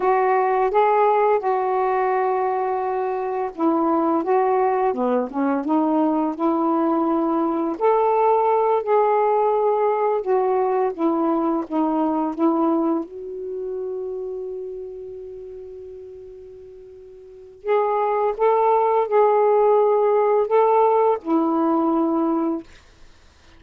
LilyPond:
\new Staff \with { instrumentName = "saxophone" } { \time 4/4 \tempo 4 = 85 fis'4 gis'4 fis'2~ | fis'4 e'4 fis'4 b8 cis'8 | dis'4 e'2 a'4~ | a'8 gis'2 fis'4 e'8~ |
e'8 dis'4 e'4 fis'4.~ | fis'1~ | fis'4 gis'4 a'4 gis'4~ | gis'4 a'4 e'2 | }